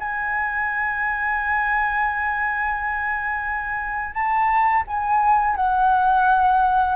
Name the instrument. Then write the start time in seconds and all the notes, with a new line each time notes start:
flute
0.00 G#5
4.14 A5
4.88 G#5
5.57 F#5